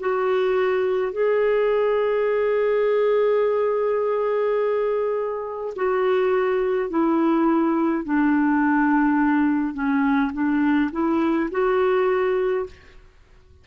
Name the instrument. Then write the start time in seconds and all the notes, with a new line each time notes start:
clarinet
0.00 F#4
1.12 G#4
5.76 F#4
6.90 E4
8.05 D4
9.74 C#4
10.33 D4
10.92 E4
11.51 F#4